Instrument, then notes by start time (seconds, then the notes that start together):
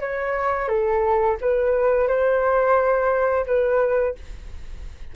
flute
0.00 C#5
0.68 A4
1.41 B4
2.08 C5
3.46 B4